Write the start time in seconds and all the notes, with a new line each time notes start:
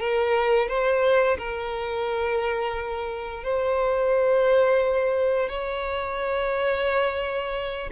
0.00 A#4
0.68 C5
1.38 A#4
3.44 C5
5.49 C#5